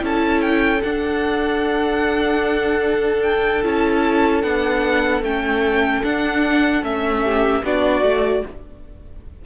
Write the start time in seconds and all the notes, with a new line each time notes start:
0.00 C#4 E4 A4 A5
0.42 G5
0.83 D4 F#5
3.23 G5
3.63 C#4 E4 A5
4.43 B3 D4 F#5
5.23 A3 C#4 G5
6.03 D4 F#5
6.83 A3 C#4 E5
7.23 G4
7.64 B3 D4 F#4 D5
8.02 A3 F#4